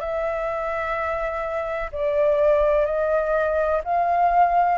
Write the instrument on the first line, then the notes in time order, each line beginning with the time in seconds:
flute
0.00 E5
1.92 D5
2.86 D#5
3.84 F5